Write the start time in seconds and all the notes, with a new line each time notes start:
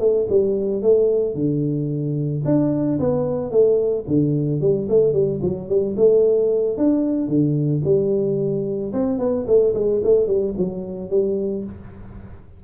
0.00 A3
0.30 G3
0.83 A3
1.35 D3
2.45 D4
3.00 B3
3.52 A3
4.08 D3
4.61 G3
4.89 A3
5.14 G3
5.43 F#3
5.69 G3
5.97 A3
6.78 D4
7.29 D3
7.85 G3
8.94 C4
9.19 B3
9.47 A3
9.75 G#3
10.04 A3
10.27 G3
10.58 F#3
11.10 G3